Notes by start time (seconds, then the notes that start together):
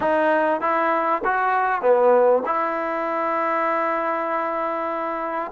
0.00 D#4
0.60 E4
1.24 F#4
1.81 B3
2.45 E4